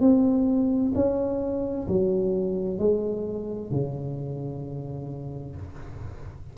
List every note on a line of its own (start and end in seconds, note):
0.00 0.92 C4
0.95 1.87 C#4
1.88 2.78 F#3
2.78 3.70 G#3
3.71 5.56 C#3